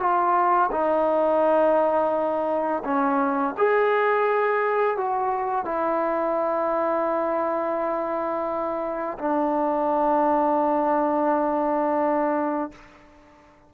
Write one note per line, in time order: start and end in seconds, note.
0.00 0.71 F4
0.72 2.83 D#4
2.84 3.55 C#4
3.58 4.97 G#4
4.97 5.65 F#4
5.65 9.18 E4
9.19 12.72 D4